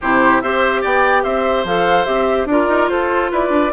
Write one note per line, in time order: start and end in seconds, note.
0.01 0.42 C3
0.01 0.43 E4
0.01 0.42 G4
0.01 0.41 C5
0.41 0.84 C4
0.41 1.67 G4
0.41 0.81 C5
0.41 0.82 E5
0.81 1.24 B3
0.81 1.22 D5
0.81 1.23 G5
1.23 1.64 C4
1.23 2.47 C5
1.23 1.65 E5
1.64 2.05 F3
1.64 2.06 A4
1.64 2.05 F5
2.05 2.45 C4
2.05 2.47 G4
2.05 2.46 E5
2.45 2.66 D4
2.45 3.72 F4
2.45 2.91 A#4
2.45 2.88 D5
2.68 2.88 D#4
2.88 3.30 F4
2.88 3.31 A4
2.88 3.30 C5
3.31 3.49 E4
3.31 3.72 B4
3.31 3.72 D5
3.49 3.70 D4